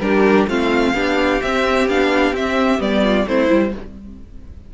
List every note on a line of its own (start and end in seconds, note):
0.00 0.47 G3
0.00 0.48 D4
0.00 0.50 G4
0.00 0.47 A#4
0.48 0.94 A3
0.48 0.95 C4
0.48 0.95 F4
0.48 1.42 F5
0.94 1.41 B3
0.94 1.42 D4
0.94 3.03 G4
1.42 1.88 C4
1.42 1.89 C4
1.42 1.89 E5
1.88 2.33 B3
1.88 2.34 D4
1.88 2.36 F5
2.33 2.79 C4
2.33 2.82 E5
2.79 3.27 G3
2.79 3.25 B3
2.79 3.28 D5
3.03 3.26 F4
3.27 3.50 A3
3.27 3.49 C4
3.27 3.75 E4
3.27 3.75 C5
3.49 3.75 G3
3.49 3.72 E4